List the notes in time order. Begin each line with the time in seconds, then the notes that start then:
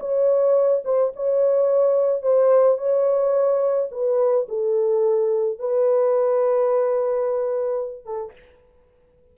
0.00 C#5
0.85 C5
1.16 C#5
2.22 C5
2.78 C#5
3.92 B4
4.49 A4
5.59 B4
8.05 A4